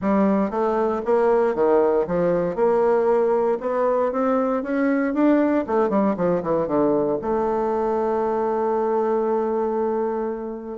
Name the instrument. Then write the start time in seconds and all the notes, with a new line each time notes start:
bassoon
0.01 G3
0.50 A3
1.05 A#3
1.54 D#3
2.07 F3
2.55 A#3
3.60 B3
4.12 C4
4.62 C#4
5.14 D4
5.66 A3
5.89 G3
6.16 F3
6.42 E3
6.67 D3
7.21 A3